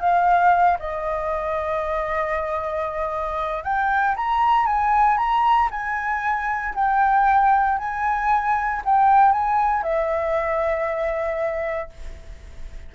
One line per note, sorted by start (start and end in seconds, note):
0.00 0.78 F5
0.79 3.63 D#5
3.63 4.15 G5
4.16 4.66 A#5
4.66 5.17 G#5
5.17 5.69 A#5
5.71 6.74 G#5
6.75 7.78 G5
7.78 8.82 G#5
8.85 9.32 G5
9.32 9.83 G#5
9.83 11.89 E5